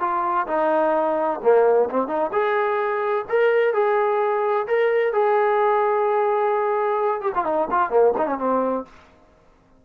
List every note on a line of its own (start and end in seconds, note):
0.00 0.47 F4
0.47 1.40 D#4
1.42 1.89 A#3
1.90 2.08 C4
2.08 2.31 D#4
2.32 3.25 G#4
3.29 3.74 A#4
3.74 4.67 G#4
4.67 5.13 A#4
5.13 7.21 G#4
7.21 7.32 G4
7.34 7.45 F4
7.45 7.68 D#4
7.70 7.90 F4
7.90 8.13 A#3
8.17 8.27 D#4
8.27 8.38 C#4
8.38 8.85 C4